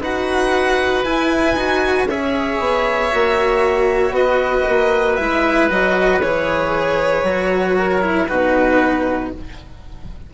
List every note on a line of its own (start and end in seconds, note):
0.00 1.03 D#4
0.00 1.04 F#4
0.00 2.07 B4
0.00 1.04 F#5
1.04 1.56 E4
1.04 1.54 E4
1.04 2.07 G#5
1.54 2.04 D#4
1.54 2.08 F#4
2.04 2.56 C#4
2.04 4.16 C#5
2.04 4.15 E5
2.10 3.11 G#4
2.59 3.11 B3
3.11 4.10 A#3
3.11 5.18 F#4
4.10 4.62 B3
4.10 7.78 B4
4.10 5.16 D#5
4.68 5.19 A#3
5.16 5.70 G#3
5.16 5.69 E4
5.16 5.67 E5
5.69 6.22 F#3
5.69 6.21 F#4
5.69 6.21 D#5
6.21 7.23 E3
6.21 7.25 G#4
6.21 8.27 C#5
7.23 8.26 F#3
7.23 8.01 F#4
7.78 8.28 A#4
8.01 8.27 E4
8.27 9.33 B2
8.27 9.31 D#4
8.27 9.31 F#4
8.27 9.30 B4